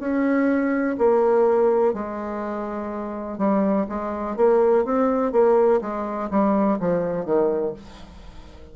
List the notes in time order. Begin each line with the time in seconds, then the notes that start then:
0.00 C#4
0.98 A#3
1.94 G#3
3.38 G3
3.89 G#3
4.37 A#3
4.85 C4
5.32 A#3
5.82 G#3
6.30 G3
6.80 F3
7.25 D#3